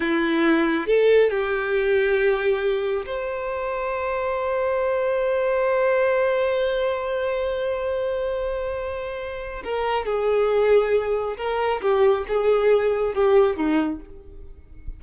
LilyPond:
\new Staff \with { instrumentName = "violin" } { \time 4/4 \tempo 4 = 137 e'2 a'4 g'4~ | g'2. c''4~ | c''1~ | c''1~ |
c''1~ | c''2 ais'4 gis'4~ | gis'2 ais'4 g'4 | gis'2 g'4 dis'4 | }